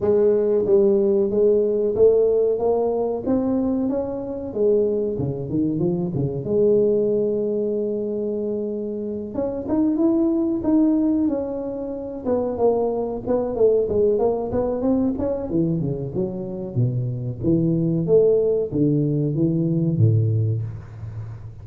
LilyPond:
\new Staff \with { instrumentName = "tuba" } { \time 4/4 \tempo 4 = 93 gis4 g4 gis4 a4 | ais4 c'4 cis'4 gis4 | cis8 dis8 f8 cis8 gis2~ | gis2~ gis8 cis'8 dis'8 e'8~ |
e'8 dis'4 cis'4. b8 ais8~ | ais8 b8 a8 gis8 ais8 b8 c'8 cis'8 | e8 cis8 fis4 b,4 e4 | a4 d4 e4 a,4 | }